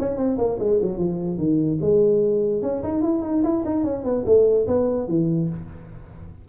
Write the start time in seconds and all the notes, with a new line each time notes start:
0.00 C#4
0.17 C4
0.38 A#3
0.60 G#3
0.83 F#3
0.99 F3
1.38 D#3
1.82 G#3
2.63 C#4
2.83 D#4
3.02 E4
3.23 D#4
3.44 E4
3.65 D#4
3.84 C#4
4.04 B3
4.26 A3
4.67 B3
5.08 E3